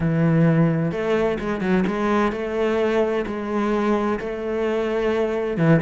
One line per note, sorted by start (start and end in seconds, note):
0.00 0.91 E3
0.91 1.38 A3
1.39 1.60 G#3
1.60 1.84 F#3
1.86 2.32 G#3
2.32 3.25 A3
3.26 4.19 G#3
4.19 5.57 A3
5.57 5.80 E3